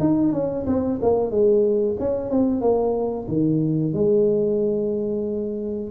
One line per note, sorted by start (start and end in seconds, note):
0.00 0.33 D#4
0.33 0.66 C#4
0.67 1.00 C4
1.02 1.31 A#3
1.31 1.97 G#3
1.99 2.30 C#4
2.30 2.61 C4
2.61 3.27 A#3
3.28 3.94 D#3
3.94 5.91 G#3